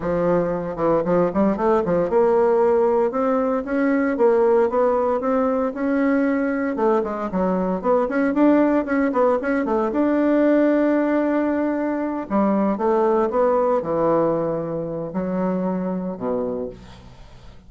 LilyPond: \new Staff \with { instrumentName = "bassoon" } { \time 4/4 \tempo 4 = 115 f4. e8 f8 g8 a8 f8 | ais2 c'4 cis'4 | ais4 b4 c'4 cis'4~ | cis'4 a8 gis8 fis4 b8 cis'8 |
d'4 cis'8 b8 cis'8 a8 d'4~ | d'2.~ d'8 g8~ | g8 a4 b4 e4.~ | e4 fis2 b,4 | }